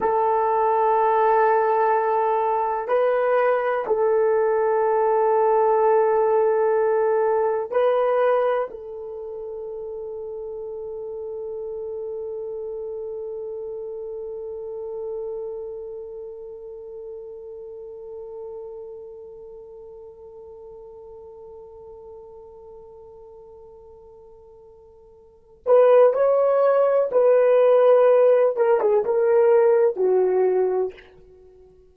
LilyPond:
\new Staff \with { instrumentName = "horn" } { \time 4/4 \tempo 4 = 62 a'2. b'4 | a'1 | b'4 a'2.~ | a'1~ |
a'1~ | a'1~ | a'2~ a'8 b'8 cis''4 | b'4. ais'16 gis'16 ais'4 fis'4 | }